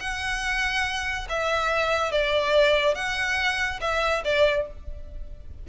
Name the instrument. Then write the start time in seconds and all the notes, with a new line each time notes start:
violin
0.00 F#5
1.29 E5
2.12 D5
2.95 F#5
3.81 E5
4.25 D5